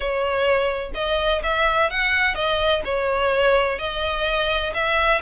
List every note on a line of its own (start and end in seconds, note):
0.00 0.91 C#5
0.94 1.42 D#5
1.43 1.90 E5
1.90 2.35 F#5
2.35 2.82 D#5
2.85 3.78 C#5
3.78 4.73 D#5
4.74 5.21 E5